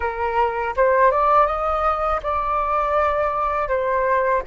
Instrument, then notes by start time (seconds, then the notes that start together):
flute
0.00 A#4
0.76 C5
1.11 D5
1.46 D#5
2.22 D5
3.68 C5